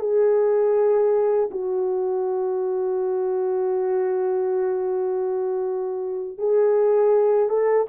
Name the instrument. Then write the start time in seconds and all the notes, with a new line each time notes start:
horn
0.00 G#4
1.51 F#4
6.39 G#4
7.50 A4